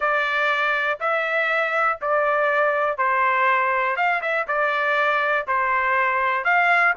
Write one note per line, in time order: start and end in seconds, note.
0.00 0.99 D5
0.99 1.99 E5
2.01 2.97 D5
2.97 3.96 C5
3.96 4.21 F5
4.21 4.46 E5
4.47 5.46 D5
5.47 6.44 C5
6.44 6.94 F5